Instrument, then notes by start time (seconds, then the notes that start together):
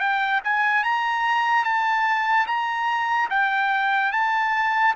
trumpet
0.00 G5
0.44 G#5
0.84 A#5
1.64 A5
2.47 A#5
3.30 G5
4.12 A5